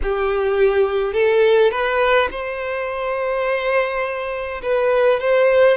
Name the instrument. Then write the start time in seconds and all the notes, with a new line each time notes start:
violin
0.02 G4
1.13 A4
1.70 B4
2.31 C5
4.62 B4
5.19 C5